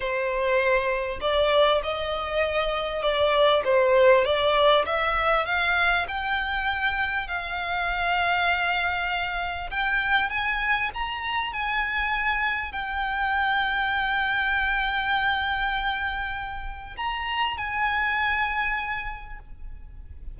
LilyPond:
\new Staff \with { instrumentName = "violin" } { \time 4/4 \tempo 4 = 99 c''2 d''4 dis''4~ | dis''4 d''4 c''4 d''4 | e''4 f''4 g''2 | f''1 |
g''4 gis''4 ais''4 gis''4~ | gis''4 g''2.~ | g''1 | ais''4 gis''2. | }